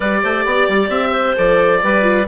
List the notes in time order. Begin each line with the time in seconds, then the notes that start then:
0.00 G3 G4 B4 D5
0.23 A3 C5
0.45 B3 D5
0.68 G3
0.88 C4 E5
1.10 C5
1.35 F3 A4 D5
1.83 G3 G4 B4
2.02 F4